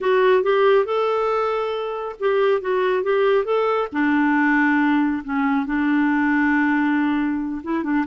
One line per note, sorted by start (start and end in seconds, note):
0.00 0.43 F#4
0.43 0.85 G4
0.85 2.15 A4
2.19 2.61 G4
2.61 3.03 F#4
3.03 3.44 G4
3.44 3.88 A4
3.92 5.23 D4
5.24 5.66 C#4
5.66 7.61 D4
7.63 7.83 E4
7.83 8.05 D4